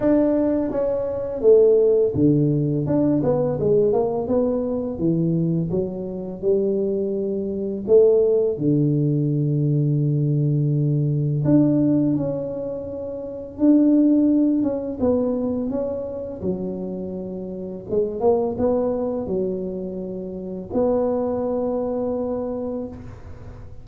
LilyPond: \new Staff \with { instrumentName = "tuba" } { \time 4/4 \tempo 4 = 84 d'4 cis'4 a4 d4 | d'8 b8 gis8 ais8 b4 e4 | fis4 g2 a4 | d1 |
d'4 cis'2 d'4~ | d'8 cis'8 b4 cis'4 fis4~ | fis4 gis8 ais8 b4 fis4~ | fis4 b2. | }